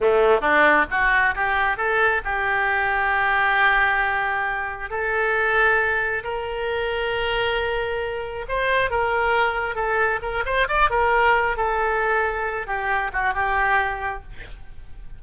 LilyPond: \new Staff \with { instrumentName = "oboe" } { \time 4/4 \tempo 4 = 135 a4 d'4 fis'4 g'4 | a'4 g'2.~ | g'2. a'4~ | a'2 ais'2~ |
ais'2. c''4 | ais'2 a'4 ais'8 c''8 | d''8 ais'4. a'2~ | a'8 g'4 fis'8 g'2 | }